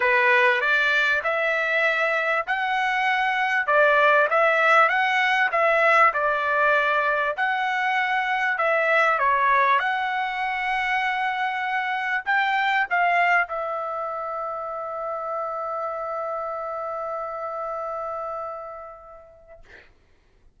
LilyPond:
\new Staff \with { instrumentName = "trumpet" } { \time 4/4 \tempo 4 = 98 b'4 d''4 e''2 | fis''2 d''4 e''4 | fis''4 e''4 d''2 | fis''2 e''4 cis''4 |
fis''1 | g''4 f''4 e''2~ | e''1~ | e''1 | }